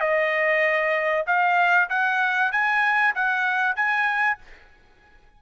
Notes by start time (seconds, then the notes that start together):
0.00 D#5
1.26 F5
1.89 F#5
2.51 G#5
3.15 F#5
3.76 G#5